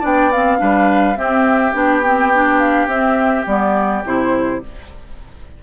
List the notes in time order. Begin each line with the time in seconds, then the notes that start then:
0.00 B3 D4 D5 G5
0.32 C4 F5
0.58 G3 D4 B4
1.16 C4 G4 E5
1.73 B3 D4 G5
2.05 C4
2.34 D4
2.59 F5
2.86 C4 E5
3.46 G3 B3 D5
4.04 C3 E4 C5